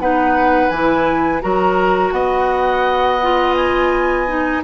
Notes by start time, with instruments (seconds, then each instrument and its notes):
0.00 bassoon B3, clarinet D#4, oboe B4, flute F#5
0.70 bassoon E3, clarinet E4, flute G#5
1.41 bassoon F#3, clarinet F#4, oboe A#4, flute A#5
2.12 bassoon B3, oboe D#5, flute F#5
3.23 clarinet F4
3.55 flute G#5
4.28 clarinet D#4